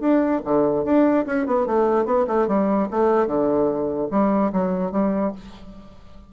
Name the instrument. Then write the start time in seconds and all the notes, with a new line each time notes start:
bassoon
0.00 D4
0.45 D3
0.85 D4
1.26 C#4
1.46 B3
1.66 A3
2.05 B3
2.27 A3
2.47 G3
2.91 A3
3.27 D3
4.11 G3
4.52 F#3
4.92 G3